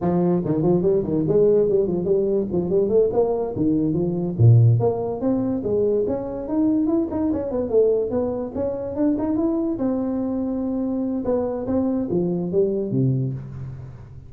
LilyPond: \new Staff \with { instrumentName = "tuba" } { \time 4/4 \tempo 4 = 144 f4 dis8 f8 g8 dis8 gis4 | g8 f8 g4 f8 g8 a8 ais8~ | ais8 dis4 f4 ais,4 ais8~ | ais8 c'4 gis4 cis'4 dis'8~ |
dis'8 e'8 dis'8 cis'8 b8 a4 b8~ | b8 cis'4 d'8 dis'8 e'4 c'8~ | c'2. b4 | c'4 f4 g4 c4 | }